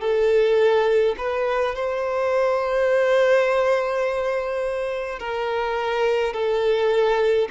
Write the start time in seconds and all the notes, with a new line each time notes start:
0.00 A4
1.17 B4
1.75 C5
5.19 A#4
6.33 A4